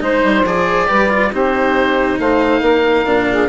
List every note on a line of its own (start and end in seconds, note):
0.00 0.22 G#3
0.00 0.43 D#4
0.00 0.87 C5
0.00 0.46 C5
0.23 0.45 G3
0.45 0.88 F3
0.45 0.88 G#4
0.45 1.33 D5
0.87 1.33 G3
0.87 1.09 G4
0.87 1.30 B4
1.09 1.31 F4
1.31 2.19 C4
1.31 3.06 D#4
1.31 2.18 G4
1.31 2.19 C5
2.19 2.61 A3
2.19 2.61 C5
2.19 3.49 F5
2.61 3.05 A#3
2.61 3.27 A#4
3.06 3.49 A#2
3.06 3.49 D4
3.31 3.49 G#4